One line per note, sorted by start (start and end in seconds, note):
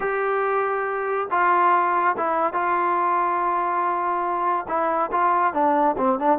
0.00 1.28 G4
1.30 2.15 F4
2.17 2.53 E4
2.53 4.66 F4
4.68 5.10 E4
5.11 5.53 F4
5.53 5.96 D4
5.97 6.19 C4
6.19 6.38 D4